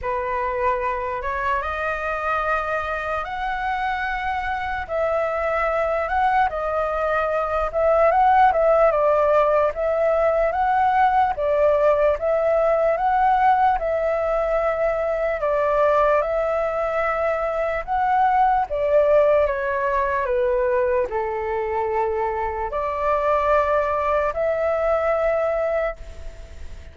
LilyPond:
\new Staff \with { instrumentName = "flute" } { \time 4/4 \tempo 4 = 74 b'4. cis''8 dis''2 | fis''2 e''4. fis''8 | dis''4. e''8 fis''8 e''8 d''4 | e''4 fis''4 d''4 e''4 |
fis''4 e''2 d''4 | e''2 fis''4 d''4 | cis''4 b'4 a'2 | d''2 e''2 | }